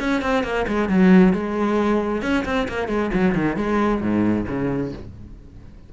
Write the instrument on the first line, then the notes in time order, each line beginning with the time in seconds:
cello
0.00 C#4
0.22 C4
0.44 A#3
0.68 G#3
0.89 F#3
1.34 G#3
2.22 C#4
2.45 C4
2.69 A#3
2.88 G#3
3.14 F#3
3.35 D#3
3.57 G#3
4.01 G#2
4.48 C#3